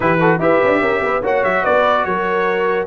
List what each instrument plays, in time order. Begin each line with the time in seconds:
0.00 tuba E3, trombone E4, horn G4, trumpet B4
0.20 trombone F#4, horn A4
0.38 tuba E4, trombone G4, horn B4, trumpet E5
0.63 tuba D4
0.81 tuba C#4, horn A#4
1.02 tuba B3, horn B4
1.22 tuba A#3, trombone F#4, horn C#5, trumpet F#5
1.43 tuba F#3, trumpet E5
1.62 tuba B3, horn B4, trumpet D5
2.04 tuba F#3, horn A#4, trumpet C#5